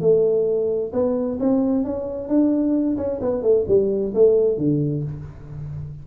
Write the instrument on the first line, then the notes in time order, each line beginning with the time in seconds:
tuba
0.00 A3
0.92 B3
1.39 C4
1.84 C#4
2.28 D4
2.97 C#4
3.21 B3
3.42 A3
3.67 G3
4.14 A3
4.57 D3